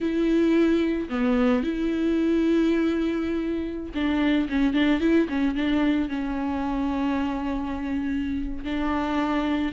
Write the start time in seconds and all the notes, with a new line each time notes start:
0.00 E4
1.09 B3
1.63 E4
3.94 D4
4.49 C#4
4.73 D4
5.00 E4
5.28 C#4
5.55 D4
6.08 C#4
8.64 D4